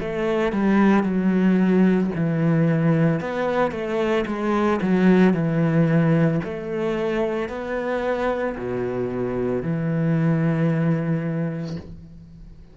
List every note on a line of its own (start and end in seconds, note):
0.00 0.53 A3
0.53 1.03 G3
1.03 2.10 F#3
2.15 3.20 E3
3.20 3.71 B3
3.71 4.25 A3
4.27 4.80 G#3
4.82 5.34 F#3
5.34 6.41 E3
6.44 7.49 A3
7.49 8.56 B3
8.58 9.62 B2
9.62 11.77 E3